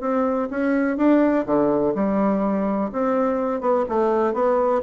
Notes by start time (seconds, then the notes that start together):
0.00 C4
0.50 C#4
0.97 D4
1.46 D3
1.94 G3
2.92 C4
3.60 B3
3.88 A3
4.33 B3